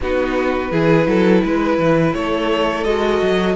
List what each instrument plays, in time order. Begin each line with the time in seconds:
0.00 cello B3, viola D#4, violin F#4 B4
0.71 cello E3, viola E4, violin G#4
1.06 cello F#3, violin A4
1.44 cello G#3, violin B4
1.78 cello E3
2.14 cello A3, violin A4 C#5
2.84 cello G#3, viola F#4, violin D#5
3.21 cello F#3